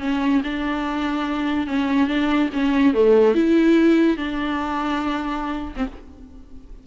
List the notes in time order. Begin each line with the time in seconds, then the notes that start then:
0.00 C#4
0.44 D4
1.67 C#4
2.08 D4
2.53 C#4
2.94 A3
3.35 E4
4.17 D4
5.76 C4